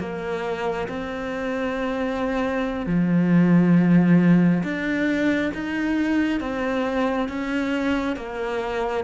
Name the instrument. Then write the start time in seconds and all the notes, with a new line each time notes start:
cello
0.00 A#3
0.89 C4
2.87 F3
4.64 D4
5.55 D#4
6.41 C4
7.29 C#4
8.17 A#3